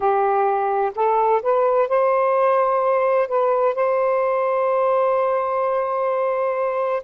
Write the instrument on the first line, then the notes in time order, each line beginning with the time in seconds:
saxophone
0.00 G4
0.95 A4
1.42 B4
1.88 C5
3.28 B4
3.74 C5